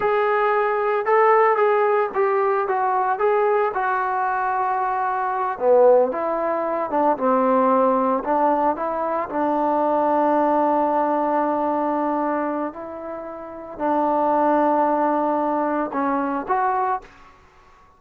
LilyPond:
\new Staff \with { instrumentName = "trombone" } { \time 4/4 \tempo 4 = 113 gis'2 a'4 gis'4 | g'4 fis'4 gis'4 fis'4~ | fis'2~ fis'8 b4 e'8~ | e'4 d'8 c'2 d'8~ |
d'8 e'4 d'2~ d'8~ | d'1 | e'2 d'2~ | d'2 cis'4 fis'4 | }